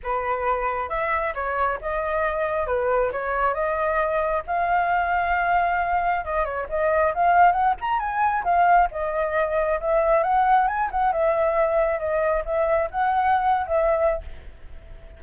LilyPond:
\new Staff \with { instrumentName = "flute" } { \time 4/4 \tempo 4 = 135 b'2 e''4 cis''4 | dis''2 b'4 cis''4 | dis''2 f''2~ | f''2 dis''8 cis''8 dis''4 |
f''4 fis''8 ais''8 gis''4 f''4 | dis''2 e''4 fis''4 | gis''8 fis''8 e''2 dis''4 | e''4 fis''4.~ fis''16 e''4~ e''16 | }